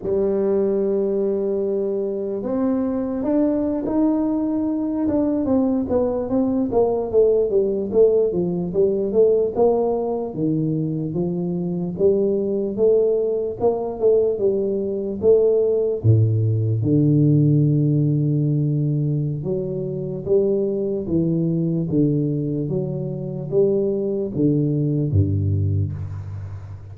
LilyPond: \new Staff \with { instrumentName = "tuba" } { \time 4/4 \tempo 4 = 74 g2. c'4 | d'8. dis'4. d'8 c'8 b8 c'16~ | c'16 ais8 a8 g8 a8 f8 g8 a8 ais16~ | ais8. dis4 f4 g4 a16~ |
a8. ais8 a8 g4 a4 a,16~ | a,8. d2.~ d16 | fis4 g4 e4 d4 | fis4 g4 d4 g,4 | }